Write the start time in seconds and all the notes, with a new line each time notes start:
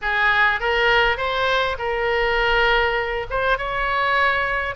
0.01 G#4
0.60 A#4
1.17 C5
1.78 A#4
3.30 C5
3.58 C#5